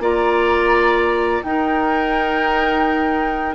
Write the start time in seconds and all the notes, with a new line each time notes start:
0.00 A#3 F4 D5 A#5
1.43 D#4 A#4 G5